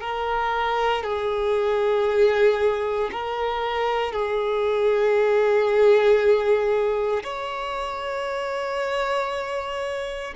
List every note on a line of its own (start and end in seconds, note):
0.00 1.03 A#4
1.03 3.10 G#4
3.11 4.12 A#4
4.12 7.23 G#4
7.23 10.33 C#5